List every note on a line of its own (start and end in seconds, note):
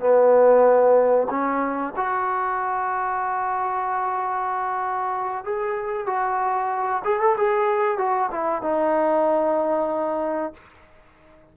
0.00 1.28 B3
1.30 1.94 C#4
1.96 5.44 F#4
5.44 6.07 G#4
6.07 7.02 F#4
7.04 7.20 G#4
7.20 7.36 A4
7.38 7.98 G#4
7.98 8.30 F#4
8.31 8.62 E4
8.62 10.53 D#4